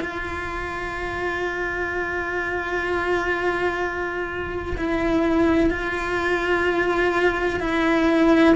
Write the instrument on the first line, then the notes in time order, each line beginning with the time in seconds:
cello
0.00 F4
4.77 E4
5.70 F4
7.60 E4